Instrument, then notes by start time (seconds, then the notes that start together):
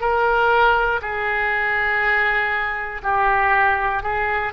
oboe
0.00 A#4
1.01 G#4
3.03 G4
4.03 G#4